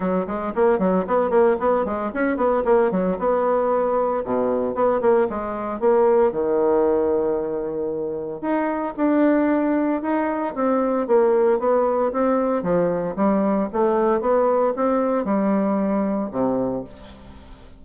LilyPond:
\new Staff \with { instrumentName = "bassoon" } { \time 4/4 \tempo 4 = 114 fis8 gis8 ais8 fis8 b8 ais8 b8 gis8 | cis'8 b8 ais8 fis8 b2 | b,4 b8 ais8 gis4 ais4 | dis1 |
dis'4 d'2 dis'4 | c'4 ais4 b4 c'4 | f4 g4 a4 b4 | c'4 g2 c4 | }